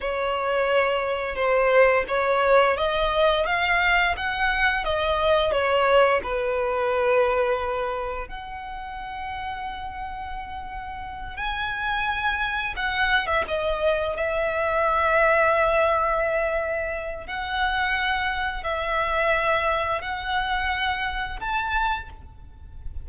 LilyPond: \new Staff \with { instrumentName = "violin" } { \time 4/4 \tempo 4 = 87 cis''2 c''4 cis''4 | dis''4 f''4 fis''4 dis''4 | cis''4 b'2. | fis''1~ |
fis''8 gis''2 fis''8. e''16 dis''8~ | dis''8 e''2.~ e''8~ | e''4 fis''2 e''4~ | e''4 fis''2 a''4 | }